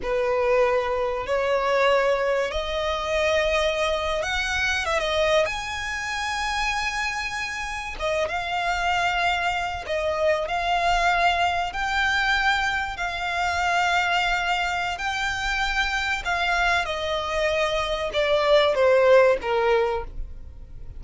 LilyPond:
\new Staff \with { instrumentName = "violin" } { \time 4/4 \tempo 4 = 96 b'2 cis''2 | dis''2~ dis''8. fis''4 e''16 | dis''8. gis''2.~ gis''16~ | gis''8. dis''8 f''2~ f''8 dis''16~ |
dis''8. f''2 g''4~ g''16~ | g''8. f''2.~ f''16 | g''2 f''4 dis''4~ | dis''4 d''4 c''4 ais'4 | }